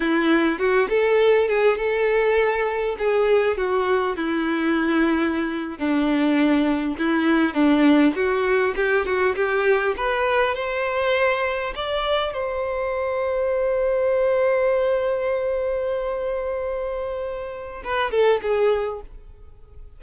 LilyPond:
\new Staff \with { instrumentName = "violin" } { \time 4/4 \tempo 4 = 101 e'4 fis'8 a'4 gis'8 a'4~ | a'4 gis'4 fis'4 e'4~ | e'4.~ e'16 d'2 e'16~ | e'8. d'4 fis'4 g'8 fis'8 g'16~ |
g'8. b'4 c''2 d''16~ | d''8. c''2.~ c''16~ | c''1~ | c''2 b'8 a'8 gis'4 | }